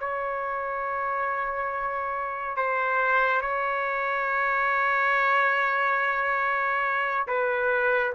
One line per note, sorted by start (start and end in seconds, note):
0.00 2.57 C#5
2.57 3.42 C5
3.42 7.27 C#5
7.28 8.14 B4